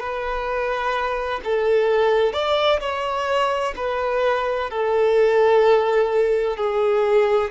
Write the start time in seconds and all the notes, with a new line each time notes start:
0.00 B4
1.44 A4
2.33 D5
2.81 C#5
3.77 B4
4.70 A4
6.58 G#4